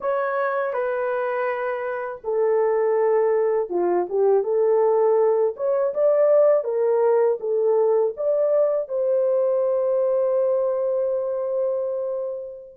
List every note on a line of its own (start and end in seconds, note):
0.00 0.73 C#5
0.73 2.21 B4
2.24 3.69 A4
3.69 4.06 F4
4.09 4.43 G4
4.43 5.54 A4
5.56 5.93 C#5
5.94 6.63 D5
6.63 7.37 A#4
7.40 8.14 A4
8.16 8.88 D5
8.88 12.76 C5